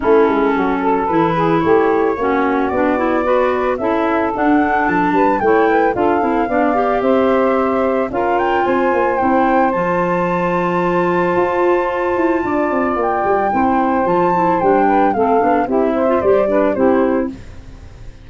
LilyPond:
<<
  \new Staff \with { instrumentName = "flute" } { \time 4/4 \tempo 4 = 111 a'2 b'4 cis''4~ | cis''4 d''2 e''4 | fis''4 a''4 g''4 f''4~ | f''4 e''2 f''8 g''8 |
gis''4 g''4 a''2~ | a''1 | g''2 a''4 g''4 | f''4 e''4 d''4 c''4 | }
  \new Staff \with { instrumentName = "saxophone" } { \time 4/4 e'4 fis'8 a'4 gis'8 g'4 | fis'2 b'4 a'4~ | a'4. b'8 cis''8 b'8 a'4 | d''4 c''2 ais'4 |
c''1~ | c''2. d''4~ | d''4 c''2~ c''8 b'8 | a'4 g'8 c''4 b'8 g'4 | }
  \new Staff \with { instrumentName = "clarinet" } { \time 4/4 cis'2 e'2 | cis'4 d'8 e'8 fis'4 e'4 | d'2 e'4 f'8 e'8 | d'8 g'2~ g'8 f'4~ |
f'4 e'4 f'2~ | f'1~ | f'4 e'4 f'8 e'8 d'4 | c'8 d'8 e'8. f'16 g'8 d'8 e'4 | }
  \new Staff \with { instrumentName = "tuba" } { \time 4/4 a8 gis8 fis4 e4 a4 | ais4 b2 cis'4 | d'4 f8 g8 a4 d'8 c'8 | b4 c'2 cis'4 |
c'8 ais8 c'4 f2~ | f4 f'4. e'8 d'8 c'8 | ais8 g8 c'4 f4 g4 | a8 b8 c'4 g4 c'4 | }
>>